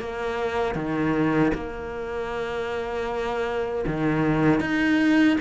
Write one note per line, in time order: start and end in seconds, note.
0.00 0.75 A#3
0.75 1.52 D#3
1.54 3.85 A#3
3.87 4.60 D#3
4.60 5.37 D#4